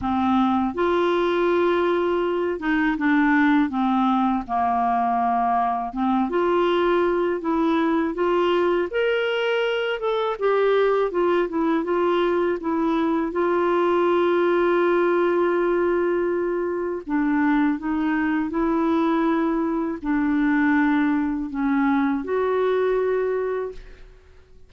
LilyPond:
\new Staff \with { instrumentName = "clarinet" } { \time 4/4 \tempo 4 = 81 c'4 f'2~ f'8 dis'8 | d'4 c'4 ais2 | c'8 f'4. e'4 f'4 | ais'4. a'8 g'4 f'8 e'8 |
f'4 e'4 f'2~ | f'2. d'4 | dis'4 e'2 d'4~ | d'4 cis'4 fis'2 | }